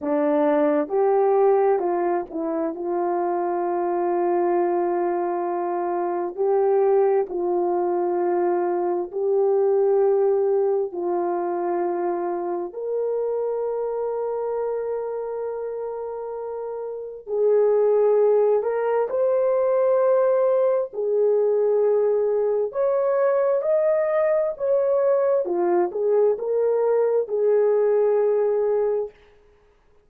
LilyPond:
\new Staff \with { instrumentName = "horn" } { \time 4/4 \tempo 4 = 66 d'4 g'4 f'8 e'8 f'4~ | f'2. g'4 | f'2 g'2 | f'2 ais'2~ |
ais'2. gis'4~ | gis'8 ais'8 c''2 gis'4~ | gis'4 cis''4 dis''4 cis''4 | f'8 gis'8 ais'4 gis'2 | }